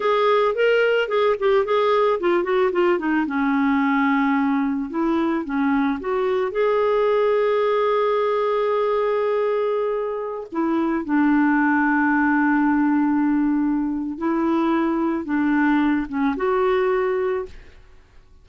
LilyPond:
\new Staff \with { instrumentName = "clarinet" } { \time 4/4 \tempo 4 = 110 gis'4 ais'4 gis'8 g'8 gis'4 | f'8 fis'8 f'8 dis'8 cis'2~ | cis'4 e'4 cis'4 fis'4 | gis'1~ |
gis'2.~ gis'16 e'8.~ | e'16 d'2.~ d'8.~ | d'2 e'2 | d'4. cis'8 fis'2 | }